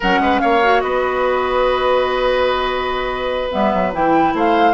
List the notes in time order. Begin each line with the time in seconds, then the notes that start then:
0.00 F#3 C#4 A#4 F#5
0.19 G#3 B4
0.40 A#3 C#5 F5
0.62 F#4
0.80 B3 B4 D#5
3.51 G3 B3 E5
3.74 F#3
3.93 E3 E4 G5
4.33 A3 C5 F5